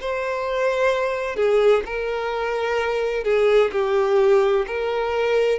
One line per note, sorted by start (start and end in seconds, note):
0.00 1.36 C5
1.36 1.83 G#4
1.85 3.24 A#4
3.24 3.71 G#4
3.72 4.65 G4
4.66 5.59 A#4